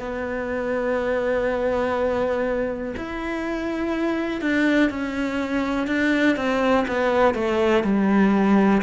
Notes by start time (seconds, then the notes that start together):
0.00 B3
2.97 E4
4.42 D4
4.90 C#4
5.87 D4
6.37 C4
6.88 B3
7.35 A3
7.84 G3